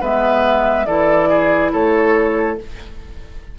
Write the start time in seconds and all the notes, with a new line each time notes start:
0.00 G#3 B3 B4 E5
0.85 E3 E4 A4 D5
1.29 G#4
1.72 A3 A4 C#5